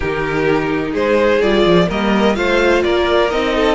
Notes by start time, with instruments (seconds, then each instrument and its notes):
0.00 cello D#3, viola D#4, violin G4 A#4
0.92 cello G#3, violin G#4 C5
1.41 cello G3, viola F4, violin D5
1.65 cello F3
1.87 cello G3, viola A#3, violin A#4 D#5
2.35 cello A3, viola F4, violin C5 F5
2.83 cello A#3, violin A#4 D5
3.30 cello C4, viola D#4, violin D#5
3.55 violin A4